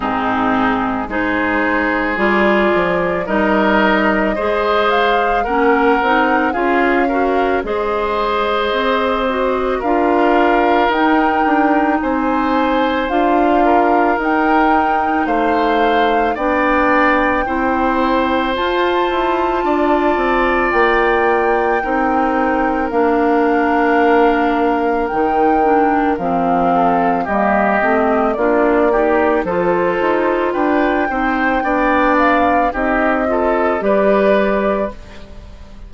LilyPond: <<
  \new Staff \with { instrumentName = "flute" } { \time 4/4 \tempo 4 = 55 gis'4 c''4 d''4 dis''4~ | dis''8 f''8 fis''4 f''4 dis''4~ | dis''4 f''4 g''4 gis''4 | f''4 g''4 f''4 g''4~ |
g''4 a''2 g''4~ | g''4 f''2 g''4 | f''4 dis''4 d''4 c''4 | g''4. f''8 dis''4 d''4 | }
  \new Staff \with { instrumentName = "oboe" } { \time 4/4 dis'4 gis'2 ais'4 | c''4 ais'4 gis'8 ais'8 c''4~ | c''4 ais'2 c''4~ | c''8 ais'4. c''4 d''4 |
c''2 d''2 | ais'1~ | ais'8 a'8 g'4 f'8 g'8 a'4 | b'8 c''8 d''4 g'8 a'8 b'4 | }
  \new Staff \with { instrumentName = "clarinet" } { \time 4/4 c'4 dis'4 f'4 dis'4 | gis'4 cis'8 dis'8 f'8 fis'8 gis'4~ | gis'8 fis'8 f'4 dis'2 | f'4 dis'2 d'4 |
e'4 f'2. | dis'4 d'2 dis'8 d'8 | c'4 ais8 c'8 d'8 dis'8 f'4~ | f'8 dis'8 d'4 dis'8 f'8 g'4 | }
  \new Staff \with { instrumentName = "bassoon" } { \time 4/4 gis,4 gis4 g8 f8 g4 | gis4 ais8 c'8 cis'4 gis4 | c'4 d'4 dis'8 d'8 c'4 | d'4 dis'4 a4 b4 |
c'4 f'8 e'8 d'8 c'8 ais4 | c'4 ais2 dis4 | f4 g8 a8 ais4 f8 dis'8 | d'8 c'8 b4 c'4 g4 | }
>>